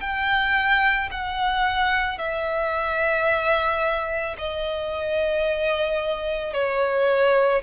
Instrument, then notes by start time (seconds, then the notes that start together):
violin
0.00 G5
1.11 F#5
2.18 E5
4.38 D#5
6.53 C#5